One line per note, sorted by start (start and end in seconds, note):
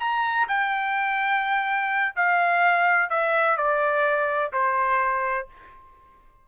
0.00 0.48 A#5
0.48 2.15 G5
2.16 3.10 F5
3.10 3.57 E5
3.57 4.53 D5
4.53 5.48 C5